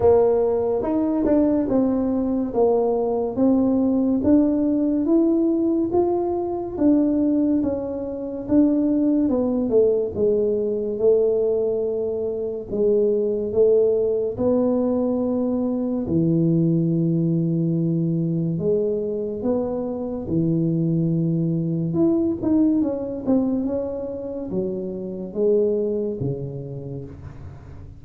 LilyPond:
\new Staff \with { instrumentName = "tuba" } { \time 4/4 \tempo 4 = 71 ais4 dis'8 d'8 c'4 ais4 | c'4 d'4 e'4 f'4 | d'4 cis'4 d'4 b8 a8 | gis4 a2 gis4 |
a4 b2 e4~ | e2 gis4 b4 | e2 e'8 dis'8 cis'8 c'8 | cis'4 fis4 gis4 cis4 | }